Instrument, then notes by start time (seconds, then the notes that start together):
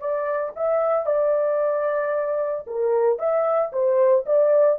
horn
0.00 D5
0.56 E5
1.06 D5
2.67 A#4
3.19 E5
3.73 C5
4.26 D5